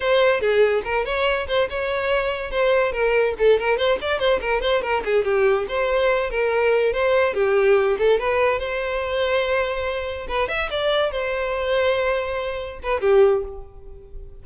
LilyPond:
\new Staff \with { instrumentName = "violin" } { \time 4/4 \tempo 4 = 143 c''4 gis'4 ais'8 cis''4 c''8 | cis''2 c''4 ais'4 | a'8 ais'8 c''8 d''8 c''8 ais'8 c''8 ais'8 | gis'8 g'4 c''4. ais'4~ |
ais'8 c''4 g'4. a'8 b'8~ | b'8 c''2.~ c''8~ | c''8 b'8 e''8 d''4 c''4.~ | c''2~ c''8 b'8 g'4 | }